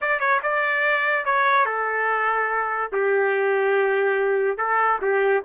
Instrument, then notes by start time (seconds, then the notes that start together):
trumpet
0.01 D5
0.19 C#5
0.43 D5
1.25 C#5
1.65 A4
2.92 G4
4.57 A4
5.01 G4